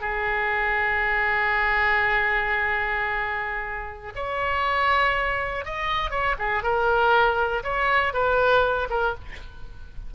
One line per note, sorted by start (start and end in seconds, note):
0.00 4.12 G#4
4.15 5.65 C#5
5.65 6.10 D#5
6.10 6.35 C#5
6.38 6.63 G#4
6.63 7.63 A#4
7.63 8.13 C#5
8.13 8.88 B4
8.89 9.14 A#4